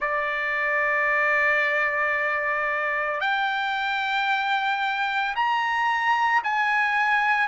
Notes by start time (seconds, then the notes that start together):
0.00 D5
3.20 G5
5.35 A#5
6.43 G#5